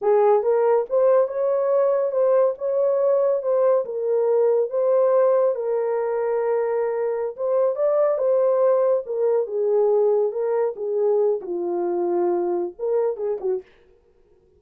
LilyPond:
\new Staff \with { instrumentName = "horn" } { \time 4/4 \tempo 4 = 141 gis'4 ais'4 c''4 cis''4~ | cis''4 c''4 cis''2 | c''4 ais'2 c''4~ | c''4 ais'2.~ |
ais'4~ ais'16 c''4 d''4 c''8.~ | c''4~ c''16 ais'4 gis'4.~ gis'16~ | gis'16 ais'4 gis'4. fis'16 f'4~ | f'2 ais'4 gis'8 fis'8 | }